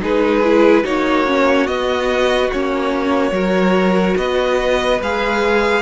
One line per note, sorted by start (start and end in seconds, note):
0.00 0.84 G#3
0.00 0.42 D#4
0.00 0.83 G#4
0.00 0.85 B4
0.43 0.84 E4
0.83 1.67 A#3
0.83 1.25 D#4
0.83 3.33 F#4
0.83 1.66 C#5
1.26 1.67 C#4
1.66 2.51 B3
1.66 2.50 D#5
2.52 3.31 A#3
2.52 3.31 C#4
2.52 4.17 C#5
3.31 4.14 F#3
3.31 4.98 F#4
3.31 4.17 A#4
4.17 5.00 B3
4.17 5.82 B4
4.17 5.00 D#5
5.01 5.82 G#3
5.01 5.82 G#4
5.01 5.82 F5